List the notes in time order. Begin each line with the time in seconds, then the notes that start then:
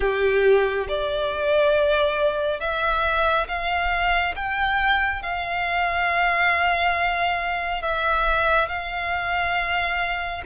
0.00 G4
0.88 D5
2.60 E5
3.47 F5
4.35 G5
5.22 F5
7.81 E5
8.68 F5